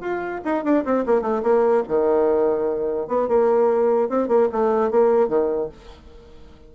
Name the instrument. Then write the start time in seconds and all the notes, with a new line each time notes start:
bassoon
0.00 F4
0.44 D#4
0.64 D4
0.84 C4
1.06 A#3
1.21 A3
1.42 A#3
1.88 D#3
3.07 B3
3.27 A#3
4.09 C4
4.28 A#3
4.51 A3
4.91 A#3
5.28 D#3